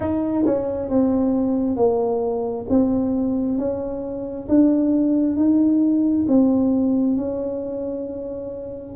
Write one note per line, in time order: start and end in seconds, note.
0.00 0.45 D#4
0.45 0.89 C#4
0.89 1.76 C4
1.76 2.66 A#3
2.69 3.58 C4
3.58 4.47 C#4
4.48 5.36 D4
5.36 6.26 D#4
6.28 7.16 C4
7.16 8.95 C#4